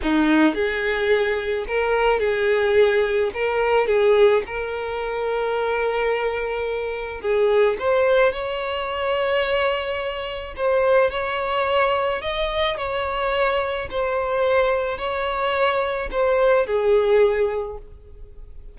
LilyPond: \new Staff \with { instrumentName = "violin" } { \time 4/4 \tempo 4 = 108 dis'4 gis'2 ais'4 | gis'2 ais'4 gis'4 | ais'1~ | ais'4 gis'4 c''4 cis''4~ |
cis''2. c''4 | cis''2 dis''4 cis''4~ | cis''4 c''2 cis''4~ | cis''4 c''4 gis'2 | }